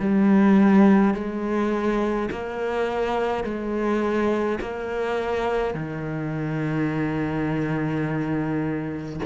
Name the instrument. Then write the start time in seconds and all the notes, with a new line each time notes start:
cello
0.00 G3
1.14 G#3
2.31 A#3
3.44 G#3
4.61 A#3
5.74 D#3